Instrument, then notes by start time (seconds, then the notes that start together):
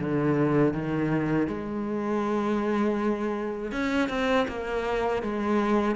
cello
0.00 D3
0.74 D#3
1.48 G#3
3.72 C#4
4.09 C4
4.48 A#3
5.23 G#3